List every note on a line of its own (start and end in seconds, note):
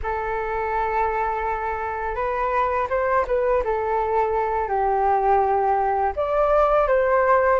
0.02 2.15 A4
2.15 2.87 B4
2.89 3.25 C5
3.27 3.63 B4
3.63 4.68 A4
4.68 6.12 G4
6.15 6.87 D5
6.87 7.59 C5